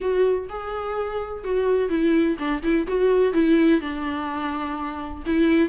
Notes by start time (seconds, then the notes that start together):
0.00 F#4
0.49 G#4
1.44 F#4
1.89 E4
2.38 D4
2.62 E4
2.87 F#4
3.33 E4
3.80 D4
5.26 E4